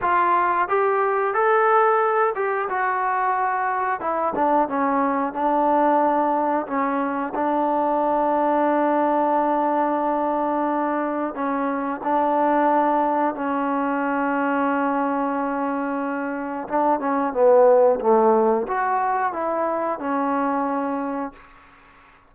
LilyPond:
\new Staff \with { instrumentName = "trombone" } { \time 4/4 \tempo 4 = 90 f'4 g'4 a'4. g'8 | fis'2 e'8 d'8 cis'4 | d'2 cis'4 d'4~ | d'1~ |
d'4 cis'4 d'2 | cis'1~ | cis'4 d'8 cis'8 b4 a4 | fis'4 e'4 cis'2 | }